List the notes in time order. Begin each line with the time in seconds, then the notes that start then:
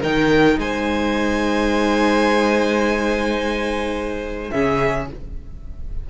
0.00 D#3 D#4 A#4 G5
0.58 G#3 C5 G#5
4.51 C#3 C#4 G#4 E5